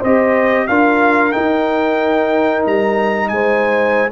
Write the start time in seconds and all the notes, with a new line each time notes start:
0.00 C4 G4 C5 D#5
0.67 D4 F4 A#4 F5
1.32 D#4 G5
2.66 G3 A#5
3.28 G#3 C5 G#5